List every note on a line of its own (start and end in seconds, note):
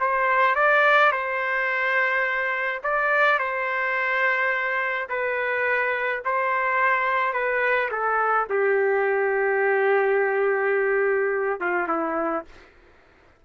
0.00 0.55 C5
0.55 1.12 D5
1.12 2.82 C5
2.83 3.39 D5
3.39 5.08 C5
5.09 6.22 B4
6.25 7.33 C5
7.33 7.90 B4
7.91 8.48 A4
8.50 11.60 G4
11.60 11.88 F4
11.88 12.45 E4